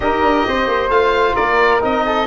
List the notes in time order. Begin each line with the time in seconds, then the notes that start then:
0.00 D#4 G4 A#4 D#5
0.22 D4
0.46 C4 C5
0.67 A#3
0.88 A3 F4 F5
1.35 A#3 A#4 D5
1.80 C4 D#4 D#5
2.05 A4